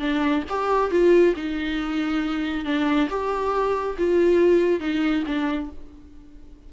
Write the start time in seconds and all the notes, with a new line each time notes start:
0.00 D4
0.49 G4
0.91 F4
1.36 D#4
2.65 D4
3.10 G4
3.98 F4
4.80 D#4
5.27 D4